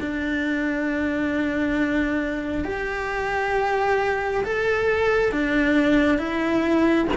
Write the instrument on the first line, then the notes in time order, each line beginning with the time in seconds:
cello
0.00 D4
2.65 G4
4.44 A4
5.32 D4
6.18 E4